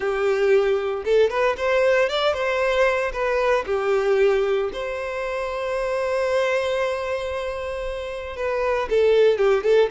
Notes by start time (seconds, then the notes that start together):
0.00 G4
1.05 A4
1.30 B4
1.57 C5
2.09 D5
2.33 C5
3.12 B4
3.66 G4
4.72 C5
8.36 B4
8.89 A4
9.38 G4
9.63 A4